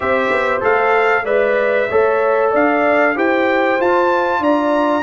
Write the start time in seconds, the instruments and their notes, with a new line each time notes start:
0.00 tuba C4, trombone G4, horn C5, trumpet E5
0.30 tuba B3
0.60 tuba A3, trombone A4, trumpet F5
1.24 tuba G#3, trombone B4, horn D5, trumpet E5
1.89 tuba A3, trombone A4, horn C#5
2.50 tuba D4, horn D5, trumpet F5
3.15 tuba E4, trombone G4, horn C5, trumpet G5
3.79 trombone F4, tuba F4, trumpet A5
4.39 tuba D4, horn D5, trumpet A#5